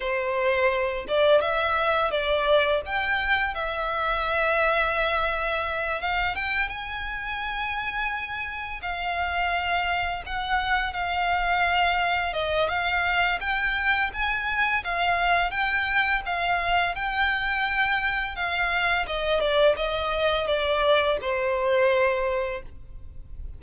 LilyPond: \new Staff \with { instrumentName = "violin" } { \time 4/4 \tempo 4 = 85 c''4. d''8 e''4 d''4 | g''4 e''2.~ | e''8 f''8 g''8 gis''2~ gis''8~ | gis''8 f''2 fis''4 f''8~ |
f''4. dis''8 f''4 g''4 | gis''4 f''4 g''4 f''4 | g''2 f''4 dis''8 d''8 | dis''4 d''4 c''2 | }